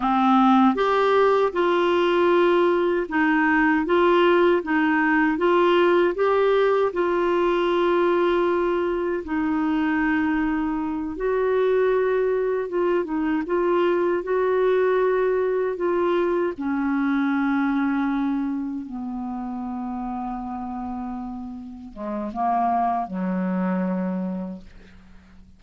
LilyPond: \new Staff \with { instrumentName = "clarinet" } { \time 4/4 \tempo 4 = 78 c'4 g'4 f'2 | dis'4 f'4 dis'4 f'4 | g'4 f'2. | dis'2~ dis'8 fis'4.~ |
fis'8 f'8 dis'8 f'4 fis'4.~ | fis'8 f'4 cis'2~ cis'8~ | cis'8 b2.~ b8~ | b8 gis8 ais4 fis2 | }